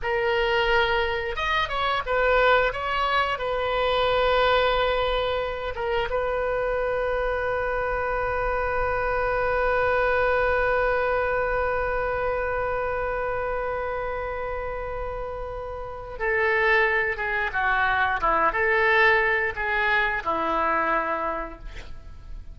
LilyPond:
\new Staff \with { instrumentName = "oboe" } { \time 4/4 \tempo 4 = 89 ais'2 dis''8 cis''8 b'4 | cis''4 b'2.~ | b'8 ais'8 b'2.~ | b'1~ |
b'1~ | b'1 | a'4. gis'8 fis'4 e'8 a'8~ | a'4 gis'4 e'2 | }